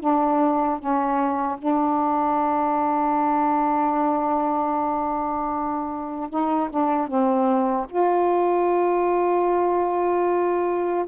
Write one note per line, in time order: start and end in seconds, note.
0.00 0.79 D4
0.79 1.58 C#4
1.58 6.30 D4
6.30 6.69 D#4
6.70 7.08 D4
7.08 7.87 C4
7.89 11.05 F4